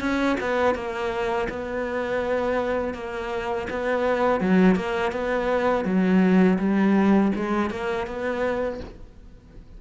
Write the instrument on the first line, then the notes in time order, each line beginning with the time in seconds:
cello
0.00 C#4
0.41 B3
0.75 A#3
1.49 B3
2.94 A#3
3.70 B3
4.41 F#3
4.76 A#3
5.13 B3
5.85 F#3
6.59 G3
7.36 G#3
7.70 A#3
8.07 B3